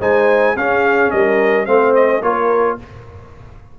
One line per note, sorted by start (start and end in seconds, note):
0.00 0.56 G#3
0.00 0.56 D#4
0.00 0.56 C5
0.00 0.56 G#5
0.56 1.11 C#4
0.56 1.66 C#4
0.56 1.13 G#4
0.56 1.11 F5
1.11 1.67 G3
1.11 1.67 A#4
1.11 1.66 D#5
1.66 2.22 A3
1.66 2.21 C4
1.66 2.22 C5
1.66 1.93 F5
1.95 2.22 D#5
2.22 2.77 A#3
2.22 2.78 F4
2.22 2.78 A#4
2.22 2.78 C#5